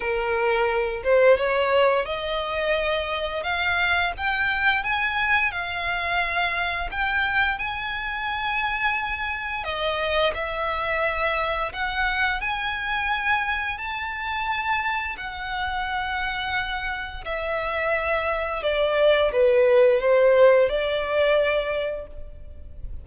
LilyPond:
\new Staff \with { instrumentName = "violin" } { \time 4/4 \tempo 4 = 87 ais'4. c''8 cis''4 dis''4~ | dis''4 f''4 g''4 gis''4 | f''2 g''4 gis''4~ | gis''2 dis''4 e''4~ |
e''4 fis''4 gis''2 | a''2 fis''2~ | fis''4 e''2 d''4 | b'4 c''4 d''2 | }